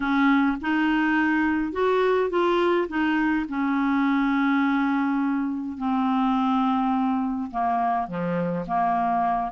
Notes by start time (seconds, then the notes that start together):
0.00 C#4
0.61 D#4
1.72 F#4
2.29 F4
2.88 D#4
3.49 C#4
5.77 C4
7.50 A#3
8.07 F3
8.67 A#3